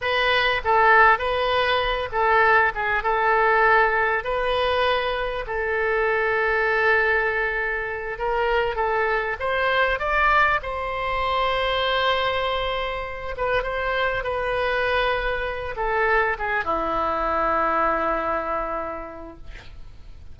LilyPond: \new Staff \with { instrumentName = "oboe" } { \time 4/4 \tempo 4 = 99 b'4 a'4 b'4. a'8~ | a'8 gis'8 a'2 b'4~ | b'4 a'2.~ | a'4. ais'4 a'4 c''8~ |
c''8 d''4 c''2~ c''8~ | c''2 b'8 c''4 b'8~ | b'2 a'4 gis'8 e'8~ | e'1 | }